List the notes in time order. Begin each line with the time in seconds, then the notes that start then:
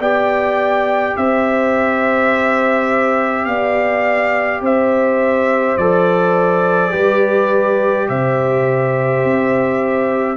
0.00 B3 G4 D5 G5
1.17 C4 C5 E5
3.46 B3 D5 F5
4.61 C4 C5 E5
5.78 F3 A4 D5
6.91 G3 G4 B4
8.09 C3 C5 E5
9.25 C4